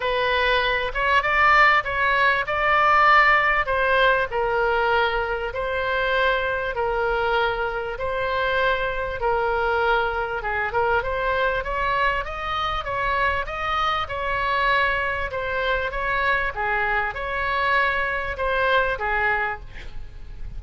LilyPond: \new Staff \with { instrumentName = "oboe" } { \time 4/4 \tempo 4 = 98 b'4. cis''8 d''4 cis''4 | d''2 c''4 ais'4~ | ais'4 c''2 ais'4~ | ais'4 c''2 ais'4~ |
ais'4 gis'8 ais'8 c''4 cis''4 | dis''4 cis''4 dis''4 cis''4~ | cis''4 c''4 cis''4 gis'4 | cis''2 c''4 gis'4 | }